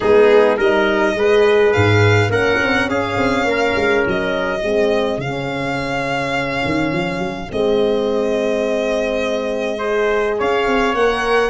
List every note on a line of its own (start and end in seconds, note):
0.00 0.58 G#3
0.00 0.59 B3
0.00 0.56 D#4
0.00 0.57 G#4
0.56 1.15 G3
0.56 1.16 D#4
0.56 1.14 A#4
0.56 1.72 D#5
1.15 1.72 G#3
1.15 2.30 G#4
1.15 2.30 B4
1.72 2.29 G#2
1.72 2.30 F5
2.29 2.58 A#3
2.29 4.61 C#4
2.29 2.87 A#4
2.29 2.89 F#5
2.63 2.87 C4
2.87 3.16 C#4
2.87 3.47 G#4
2.87 4.04 F5
3.16 3.44 C4
3.44 3.73 A#3
3.44 4.60 A#4
3.75 4.04 G#3
4.06 4.62 F#3
4.06 5.20 D#5
4.60 5.17 G#3
4.60 5.21 C4
4.60 9.78 G#4
5.17 6.62 C#3
5.17 7.49 C#4
5.17 7.51 F5
6.64 6.92 D#3
6.92 7.18 F3
7.18 7.47 F#3
7.49 10.40 G#3
7.49 9.79 C4
7.49 10.40 D#5
9.78 10.94 G#4
9.78 10.35 C5
10.38 10.66 C#4
10.38 11.49 C#5
10.38 10.94 F5
10.66 10.94 C4
10.94 11.49 A#3
10.94 11.49 A#4
10.94 11.49 F#5